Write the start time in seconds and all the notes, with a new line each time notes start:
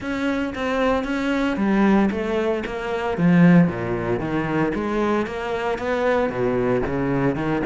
0.00 C#4
0.54 C4
1.04 C#4
1.56 G3
2.11 A3
2.66 A#3
3.17 F3
3.67 A#2
4.19 D#3
4.74 G#3
5.26 A#3
5.78 B3
6.29 B2
6.86 C#3
7.35 D#3